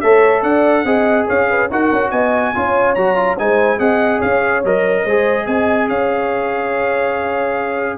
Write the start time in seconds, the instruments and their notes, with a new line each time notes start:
0.00 tuba A3, trombone A4, horn C#5, trumpet E5
0.42 tuba D4, horn D5, trumpet F#5
0.85 tuba C4, trombone G#4, horn D#5
1.27 tuba C#4, horn C#5, trumpet F5
1.50 horn B4
1.70 tuba D#4, trombone F#4, horn A#4, trumpet F#5
1.92 tuba C#4
2.10 tuba B3, horn D#5, trumpet G#5
2.55 tuba C#4, trombone F4, horn C#5
2.95 tuba F#3, trombone F#4, trumpet A#5
3.16 trombone F4
3.38 tuba G#3, trombone D#4, horn C5, trumpet G#5
3.79 tuba C4, trombone G#4, horn D#5, trumpet F#5
4.19 tuba C#4, horn C#5, trumpet F5
4.64 tuba F#3, trombone A#4, trumpet D#5
5.04 tuba G#3, trombone G#4, horn C5
5.46 tuba C4, horn D#5, trumpet G#5
5.88 tuba C#4, horn C#5, trumpet F5